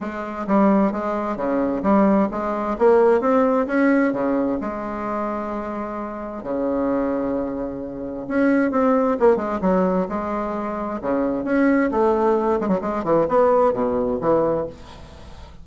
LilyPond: \new Staff \with { instrumentName = "bassoon" } { \time 4/4 \tempo 4 = 131 gis4 g4 gis4 cis4 | g4 gis4 ais4 c'4 | cis'4 cis4 gis2~ | gis2 cis2~ |
cis2 cis'4 c'4 | ais8 gis8 fis4 gis2 | cis4 cis'4 a4. gis16 fis16 | gis8 e8 b4 b,4 e4 | }